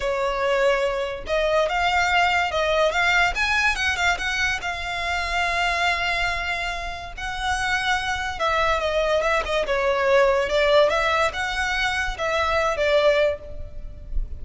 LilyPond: \new Staff \with { instrumentName = "violin" } { \time 4/4 \tempo 4 = 143 cis''2. dis''4 | f''2 dis''4 f''4 | gis''4 fis''8 f''8 fis''4 f''4~ | f''1~ |
f''4 fis''2. | e''4 dis''4 e''8 dis''8 cis''4~ | cis''4 d''4 e''4 fis''4~ | fis''4 e''4. d''4. | }